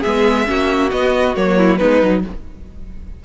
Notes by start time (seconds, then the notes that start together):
0.00 B3 G#4 E5
0.06 G#3
0.46 A#3 C#4 F#4
0.91 B3 D#5
1.36 F#3 A#3 C#5
1.58 E4
1.77 G#3 B3 D#4 B4
2.03 F#3 D#4